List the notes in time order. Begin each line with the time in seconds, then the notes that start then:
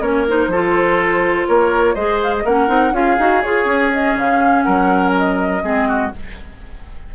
0.00 A#3 C#4 A#4 C#5
0.27 D#4 C5
0.47 F3 F4 A4
1.47 A#3 A#4 C#5
1.94 G#3 G#4 C5 D#5
2.23 F5
2.36 D#5
2.45 A#3 C#4 A#4 F#5
2.67 C4 D#4
2.92 C#4 F4 G#4 F5
3.18 D#4 F#4
3.42 F4 G#4 C#5
3.65 C#4
3.91 C#4 D#5
4.16 C#3 F5
4.62 F#3 A#4 F#5
5.17 D#5
5.62 G#3 C4 G#4
5.88 F#4